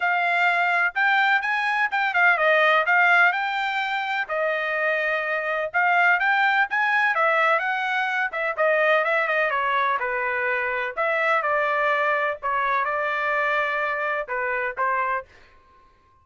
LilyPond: \new Staff \with { instrumentName = "trumpet" } { \time 4/4 \tempo 4 = 126 f''2 g''4 gis''4 | g''8 f''8 dis''4 f''4 g''4~ | g''4 dis''2. | f''4 g''4 gis''4 e''4 |
fis''4. e''8 dis''4 e''8 dis''8 | cis''4 b'2 e''4 | d''2 cis''4 d''4~ | d''2 b'4 c''4 | }